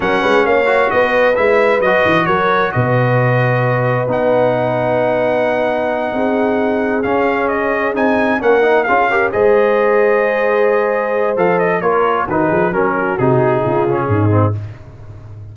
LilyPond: <<
  \new Staff \with { instrumentName = "trumpet" } { \time 4/4 \tempo 4 = 132 fis''4 f''4 dis''4 e''4 | dis''4 cis''4 dis''2~ | dis''4 fis''2.~ | fis''2.~ fis''8 f''8~ |
f''8 dis''4 gis''4 fis''4 f''8~ | f''8 dis''2.~ dis''8~ | dis''4 f''8 dis''8 cis''4 b'4 | ais'4 gis'2. | }
  \new Staff \with { instrumentName = "horn" } { \time 4/4 ais'8 b'8 cis''4 b'2~ | b'4 ais'4 b'2~ | b'1~ | b'4. gis'2~ gis'8~ |
gis'2~ gis'8 ais'4 gis'8 | ais'8 c''2.~ c''8~ | c''2 ais'4 fis'8 gis'8 | ais'8 fis'4. f'4 dis'4 | }
  \new Staff \with { instrumentName = "trombone" } { \time 4/4 cis'4. fis'4. e'4 | fis'1~ | fis'4 dis'2.~ | dis'2.~ dis'8 cis'8~ |
cis'4. dis'4 cis'8 dis'8 f'8 | g'8 gis'2.~ gis'8~ | gis'4 a'4 f'4 dis'4 | cis'4 dis'4. cis'4 c'8 | }
  \new Staff \with { instrumentName = "tuba" } { \time 4/4 fis8 gis8 ais4 b4 gis4 | fis8 e8 fis4 b,2~ | b,4 b2.~ | b4. c'2 cis'8~ |
cis'4. c'4 ais4 cis'8~ | cis'8 gis2.~ gis8~ | gis4 f4 ais4 dis8 f8 | fis4 c4 cis4 gis,4 | }
>>